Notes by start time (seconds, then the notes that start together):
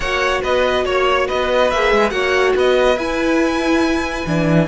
0.00 A#3 F#4 C#5 F#5
0.41 B3 B4 D#5
0.85 A#3 C#5
1.26 B3 B4 D#5
1.70 A#3 G#4 E5
1.92 G#3
2.10 A#3 F#4 C#5 F#5
2.55 B3 B4 D#5
2.96 E4 G#5
4.26 E3 D4